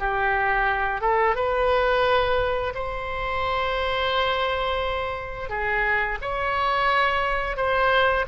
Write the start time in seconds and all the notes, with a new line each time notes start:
0.00 G4
1.02 A4
1.36 B4
2.75 C5
5.50 G#4
6.22 C#5
7.57 C5